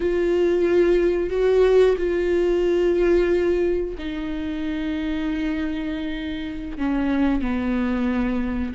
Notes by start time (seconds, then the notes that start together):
0.00 F4
1.29 F#4
1.97 F4
3.98 D#4
6.78 C#4
7.41 B3